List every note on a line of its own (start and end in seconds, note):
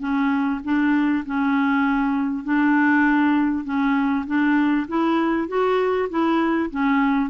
0.00 0.61 C#4
0.64 1.25 D4
1.26 2.44 C#4
2.44 3.65 D4
3.65 4.26 C#4
4.27 4.87 D4
4.88 5.49 E4
5.49 6.09 F#4
6.10 6.71 E4
6.71 7.31 C#4